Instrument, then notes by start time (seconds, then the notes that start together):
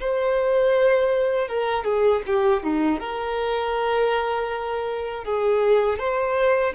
violin
0.00 C5
1.47 A#4
1.84 G#4
2.26 G4
2.63 D#4
2.99 A#4
5.24 G#4
5.98 C5